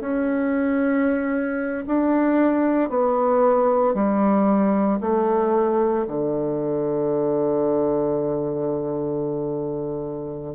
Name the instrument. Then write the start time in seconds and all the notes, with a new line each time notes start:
bassoon
0.00 C#4
1.87 D4
2.89 B3
3.94 G3
5.00 A3
6.07 D3